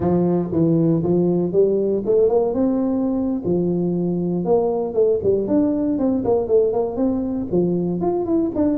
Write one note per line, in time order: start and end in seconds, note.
0.00 0.50 F3
0.52 1.02 E3
1.03 1.52 F3
1.52 2.03 G3
2.05 2.29 A3
2.29 2.53 A#3
2.53 3.42 C4
3.44 4.45 F3
4.45 4.93 A#3
4.93 5.19 A3
5.23 5.47 G3
5.47 5.98 D4
5.98 6.23 C4
6.24 6.47 A#3
6.47 6.72 A3
6.72 6.96 A#3
6.96 7.47 C4
7.51 8.00 F3
8.00 8.25 F4
8.25 8.51 E4
8.55 8.78 D4